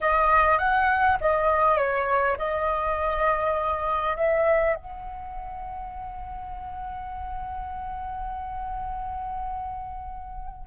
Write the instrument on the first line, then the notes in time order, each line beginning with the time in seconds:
flute
0.01 D#5
0.58 F#5
1.20 D#5
1.77 C#5
2.38 D#5
4.16 E5
4.75 F#5